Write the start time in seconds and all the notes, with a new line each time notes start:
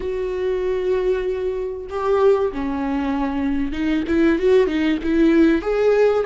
0.00 F#4
1.89 G4
2.52 C#4
3.72 D#4
4.07 E4
4.39 F#4
4.67 D#4
5.03 E4
5.61 G#4